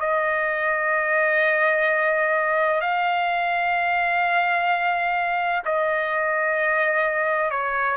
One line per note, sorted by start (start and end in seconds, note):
0.00 2.81 D#5
2.82 5.63 F5
5.65 7.51 D#5
7.51 7.97 C#5